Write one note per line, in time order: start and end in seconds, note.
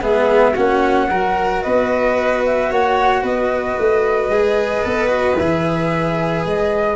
0.00 0.54 G#3
0.00 0.55 B3
0.00 0.53 G#4
0.00 0.55 E5
0.53 1.10 A#3
0.53 1.09 C#4
0.53 1.07 F#4
0.53 1.62 F#5
1.09 1.64 F#3
1.09 4.32 F#4
1.09 1.63 A#4
1.62 2.71 B3
1.62 2.69 B4
1.62 2.42 D#5
2.45 2.72 E5
2.69 3.23 A#3
2.69 3.23 C#5
2.69 3.25 F#5
3.23 3.76 B3
3.23 6.96 B4
3.23 5.38 D#5
3.79 4.27 A3
4.27 4.81 G#3
4.27 4.84 G#4
4.84 5.39 B3
4.84 5.07 A4
5.07 5.34 F#4
5.38 6.45 E3
5.38 6.96 G#4
5.38 6.45 E5
6.45 6.96 G#3
6.45 6.96 D#5